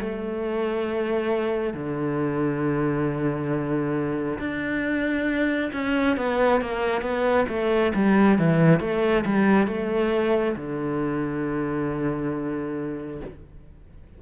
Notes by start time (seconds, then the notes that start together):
0.00 A3
1.74 D3
4.39 D4
5.73 C#4
6.17 B3
6.61 A#3
7.02 B3
7.49 A3
7.95 G3
8.39 E3
8.81 A3
9.26 G3
9.68 A3
10.56 D3